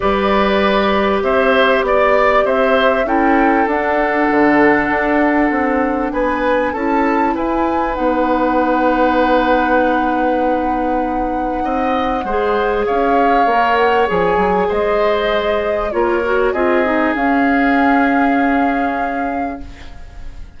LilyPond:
<<
  \new Staff \with { instrumentName = "flute" } { \time 4/4 \tempo 4 = 98 d''2 e''4 d''4 | e''4 g''4 fis''2~ | fis''2 gis''4 a''4 | gis''4 fis''2.~ |
fis''1~ | fis''4 f''4. fis''8 gis''4 | dis''2 cis''4 dis''4 | f''1 | }
  \new Staff \with { instrumentName = "oboe" } { \time 4/4 b'2 c''4 d''4 | c''4 a'2.~ | a'2 b'4 a'4 | b'1~ |
b'2. dis''4 | c''4 cis''2. | c''2 ais'4 gis'4~ | gis'1 | }
  \new Staff \with { instrumentName = "clarinet" } { \time 4/4 g'1~ | g'4 e'4 d'2~ | d'2. e'4~ | e'4 dis'2.~ |
dis'1 | gis'2 ais'4 gis'4~ | gis'2 f'8 fis'8 f'8 dis'8 | cis'1 | }
  \new Staff \with { instrumentName = "bassoon" } { \time 4/4 g2 c'4 b4 | c'4 cis'4 d'4 d4 | d'4 c'4 b4 cis'4 | e'4 b2.~ |
b2. c'4 | gis4 cis'4 ais4 f8 fis8 | gis2 ais4 c'4 | cis'1 | }
>>